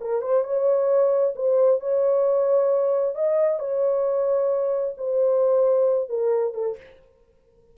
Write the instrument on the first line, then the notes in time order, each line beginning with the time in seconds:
horn
0.00 A#4
0.21 C5
0.44 C#5
1.35 C5
1.80 C#5
3.15 D#5
3.59 C#5
4.97 C5
6.09 A#4
6.54 A4